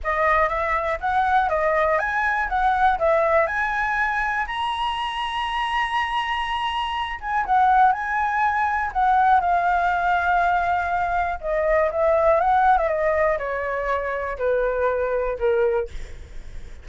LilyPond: \new Staff \with { instrumentName = "flute" } { \time 4/4 \tempo 4 = 121 dis''4 e''4 fis''4 dis''4 | gis''4 fis''4 e''4 gis''4~ | gis''4 ais''2.~ | ais''2~ ais''8 gis''8 fis''4 |
gis''2 fis''4 f''4~ | f''2. dis''4 | e''4 fis''8. e''16 dis''4 cis''4~ | cis''4 b'2 ais'4 | }